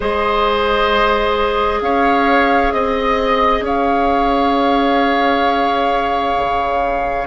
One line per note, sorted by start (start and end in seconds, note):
0.00 1.81 G#3
0.00 7.27 G#4
0.00 1.80 C5
0.00 1.82 D#5
1.81 2.72 C#4
1.81 2.74 C#5
1.81 2.72 F5
2.72 3.60 C4
2.72 3.62 D#5
2.72 3.64 D#5
3.60 6.33 C#4
3.60 7.27 C#5
3.66 7.27 F5
6.37 7.27 C#3